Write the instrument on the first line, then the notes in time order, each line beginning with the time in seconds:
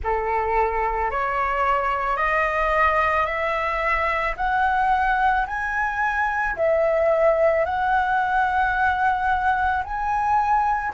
flute
0.03 A4
1.11 C#5
2.17 D#5
3.25 E5
4.36 F#5
5.46 G#5
6.56 E5
7.65 F#5
9.83 G#5